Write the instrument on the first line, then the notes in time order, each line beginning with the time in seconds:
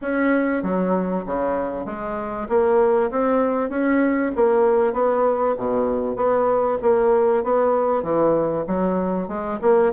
bassoon
0.01 C#4
0.62 F#3
1.25 C#3
1.85 G#3
2.48 A#3
3.11 C4
3.69 C#4
4.35 A#3
4.93 B3
5.57 B2
6.16 B3
6.82 A#3
7.43 B3
8.02 E3
8.67 F#3
9.28 G#3
9.61 A#3